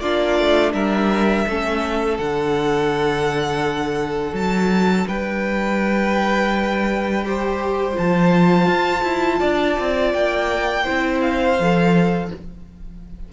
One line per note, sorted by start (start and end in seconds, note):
0.00 0.39 A#3
0.00 1.47 D4
0.00 0.72 F4
0.00 0.72 D5
0.39 0.73 A3
0.73 1.45 G3
0.73 1.46 A#4
0.73 2.17 E5
1.47 2.18 A3
1.47 2.19 C#4
1.47 5.08 A4
2.18 4.32 D3
2.18 7.25 D4
2.18 4.35 F#5
4.32 5.05 F#3
4.32 5.07 A5
5.07 7.97 G3
5.07 7.24 B4
5.07 7.97 G5
7.25 7.93 G4
7.25 9.39 C5
7.93 8.66 F3
7.93 10.82 F4
7.93 10.13 A5
8.66 9.02 F4
9.03 9.39 E4
9.39 9.78 D4
9.39 10.83 D5
9.79 10.14 C4
10.13 10.86 A#3
10.13 11.21 G5
10.83 11.57 E4
10.83 12.28 C5
10.90 11.59 C4
11.21 12.29 F5
11.59 12.31 F3
11.59 12.32 A4